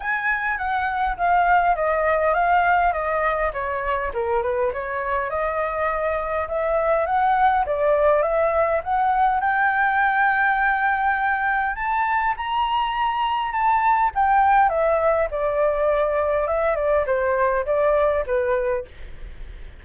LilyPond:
\new Staff \with { instrumentName = "flute" } { \time 4/4 \tempo 4 = 102 gis''4 fis''4 f''4 dis''4 | f''4 dis''4 cis''4 ais'8 b'8 | cis''4 dis''2 e''4 | fis''4 d''4 e''4 fis''4 |
g''1 | a''4 ais''2 a''4 | g''4 e''4 d''2 | e''8 d''8 c''4 d''4 b'4 | }